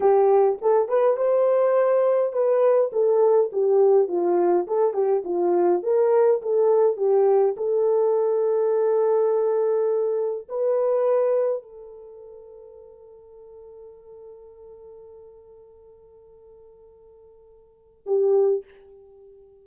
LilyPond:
\new Staff \with { instrumentName = "horn" } { \time 4/4 \tempo 4 = 103 g'4 a'8 b'8 c''2 | b'4 a'4 g'4 f'4 | a'8 g'8 f'4 ais'4 a'4 | g'4 a'2.~ |
a'2 b'2 | a'1~ | a'1~ | a'2. g'4 | }